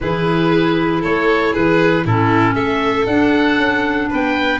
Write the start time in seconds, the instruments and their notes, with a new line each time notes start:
0.00 tuba E3, clarinet E4, violin G#4, oboe B4
1.01 tuba A3, violin A4, oboe C#5
1.52 tuba E3, violin G#4, oboe B4
2.05 tuba A2, clarinet C#4, violin E4, oboe A4
2.54 tuba A3, violin A4, oboe E5
3.06 tuba D4, clarinet D4, oboe F#5
3.57 tuba C#4
4.10 tuba B3, violin B4, oboe G5